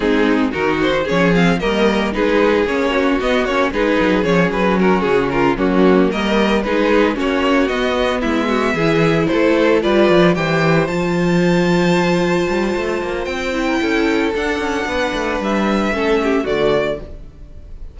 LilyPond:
<<
  \new Staff \with { instrumentName = "violin" } { \time 4/4 \tempo 4 = 113 gis'4 ais'8 c''8 cis''8 f''8 dis''4 | b'4 cis''4 dis''8 cis''8 b'4 | cis''8 b'8 ais'8 gis'8 ais'8 fis'4 dis''8~ | dis''8 b'4 cis''4 dis''4 e''8~ |
e''4. c''4 d''4 g''8~ | g''8 a''2.~ a''8~ | a''4 g''2 fis''4~ | fis''4 e''2 d''4 | }
  \new Staff \with { instrumentName = "violin" } { \time 4/4 dis'4 fis'4 gis'4 ais'4 | gis'4. fis'4. gis'4~ | gis'4 fis'4 f'8 cis'4 ais'8~ | ais'8 gis'4 fis'2 e'8 |
fis'8 gis'4 a'4 b'4 c''8~ | c''1~ | c''4.~ c''16 ais'16 a'2 | b'2 a'8 g'8 fis'4 | }
  \new Staff \with { instrumentName = "viola" } { \time 4/4 c'4 dis'4 cis'8 c'8 ais4 | dis'4 cis'4 b8 cis'8 dis'4 | cis'2~ cis'8 ais4.~ | ais8 dis'4 cis'4 b4.~ |
b8 e'2 f'4 g'8~ | g'8 f'2.~ f'8~ | f'4. e'4. d'4~ | d'2 cis'4 a4 | }
  \new Staff \with { instrumentName = "cello" } { \time 4/4 gis4 dis4 f4 g4 | gis4 ais4 b8 ais8 gis8 fis8 | f8 fis4 cis4 fis4 g8~ | g8 gis4 ais4 b4 gis8~ |
gis8 e4 a4 g8 f8 e8~ | e8 f2. g8 | a8 ais8 c'4 cis'4 d'8 cis'8 | b8 a8 g4 a4 d4 | }
>>